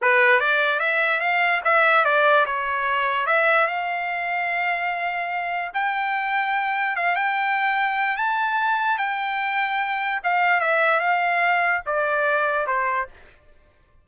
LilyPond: \new Staff \with { instrumentName = "trumpet" } { \time 4/4 \tempo 4 = 147 b'4 d''4 e''4 f''4 | e''4 d''4 cis''2 | e''4 f''2.~ | f''2 g''2~ |
g''4 f''8 g''2~ g''8 | a''2 g''2~ | g''4 f''4 e''4 f''4~ | f''4 d''2 c''4 | }